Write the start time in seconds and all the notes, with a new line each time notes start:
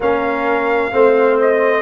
0.00 A#3 C#4 A#4 F5
0.91 A3 C4 C5
1.41 D#5